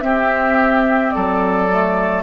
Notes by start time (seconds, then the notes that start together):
0.00 C4 G4 E5
1.11 F#3 A4 D5
1.72 A3